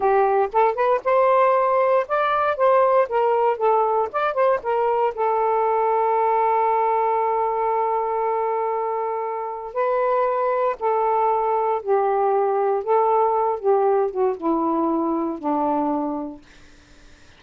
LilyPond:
\new Staff \with { instrumentName = "saxophone" } { \time 4/4 \tempo 4 = 117 g'4 a'8 b'8 c''2 | d''4 c''4 ais'4 a'4 | d''8 c''8 ais'4 a'2~ | a'1~ |
a'2. b'4~ | b'4 a'2 g'4~ | g'4 a'4. g'4 fis'8 | e'2 d'2 | }